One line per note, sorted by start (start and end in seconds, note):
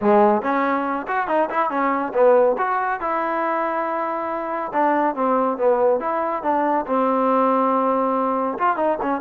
0.01 0.42 G#3
0.42 1.06 C#4
1.07 1.27 F#4
1.27 1.49 D#4
1.50 1.69 E4
1.69 2.12 C#4
2.13 2.56 B3
2.58 3.00 F#4
3.00 4.71 E4
4.73 5.15 D4
5.15 5.57 C4
5.57 6.00 B3
6.00 6.42 E4
6.42 6.85 D4
6.86 8.58 C4
8.58 8.76 F4
8.76 8.98 D#4
9.01 9.21 C#4